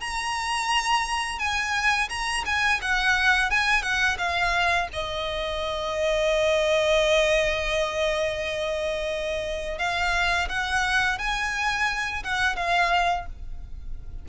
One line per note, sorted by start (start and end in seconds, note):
0.00 1.39 A#5
1.39 2.09 G#5
2.09 2.44 A#5
2.45 2.80 G#5
2.82 3.50 F#5
3.50 3.82 G#5
3.82 4.17 F#5
4.18 4.88 F5
4.92 9.78 D#5
9.78 10.48 F5
10.49 11.18 F#5
11.18 12.23 G#5
12.23 12.56 F#5
12.56 13.26 F5